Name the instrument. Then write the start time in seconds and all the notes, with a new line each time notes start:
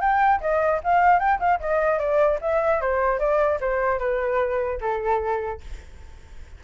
flute
0.00 G5
0.41 D#5
0.83 F5
1.19 G5
1.39 F5
1.60 D#5
1.99 D5
2.41 E5
2.81 C5
3.19 D5
3.60 C5
3.99 B4
4.81 A4